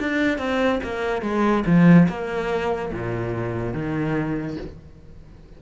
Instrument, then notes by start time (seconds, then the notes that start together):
cello
0.00 D4
0.39 C4
0.83 A#3
1.22 G#3
1.66 F3
2.09 A#3
2.93 A#2
3.74 D#3